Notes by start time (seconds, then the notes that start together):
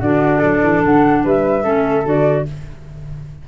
0.00 D3 D4 F#4 D5
0.39 F#3 A4
0.63 E3
0.85 D3 F#5
1.24 G3 B4 E5
1.63 A3 C#4 A4
2.05 D3 F#4 D5